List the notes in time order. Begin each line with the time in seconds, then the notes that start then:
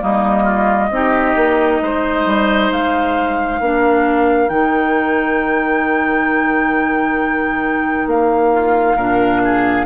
0.00 G3 A#3 D#4 D#5
0.43 F4
0.90 C4 D#4 G4
1.36 A#3
1.82 G#3 C5
2.26 G3
2.72 G#3 F5
3.60 A#3 D4 A#4
4.49 D#3 D#4 G5
8.07 A#3 F5
8.54 F4
8.96 A#2 D4 A#4
9.45 G#4